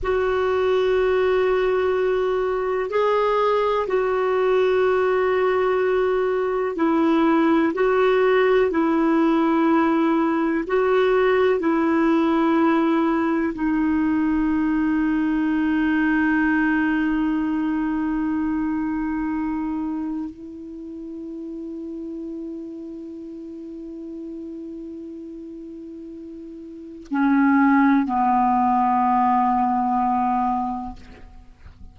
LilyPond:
\new Staff \with { instrumentName = "clarinet" } { \time 4/4 \tempo 4 = 62 fis'2. gis'4 | fis'2. e'4 | fis'4 e'2 fis'4 | e'2 dis'2~ |
dis'1~ | dis'4 e'2.~ | e'1 | cis'4 b2. | }